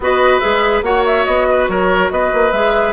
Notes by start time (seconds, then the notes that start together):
0.00 B3 F#4 B4 D#5
0.39 G#3 G#4 E5
0.82 A#3 F#4 C#5 F#5
1.06 E5
1.25 B3 D#5
1.49 B4
1.68 F#3 A#4 C#5
2.10 B3 B4 D#5
2.33 A#3
2.51 G#3 G#4 E5